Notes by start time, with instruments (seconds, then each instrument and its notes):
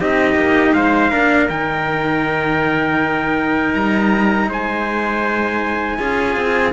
0.00 cello C4 D#4, trumpet G4 D#5
0.35 cello A#3
0.74 cello G#3, trumpet C5 F5
1.11 cello A#3 D4, trumpet A#4
1.50 cello D#3 D#4, trumpet G5
3.75 cello G3, trumpet A#5
4.49 cello G#3, trumpet C5 G#5
5.98 cello C#4 F4, trumpet G#4
6.37 cello C4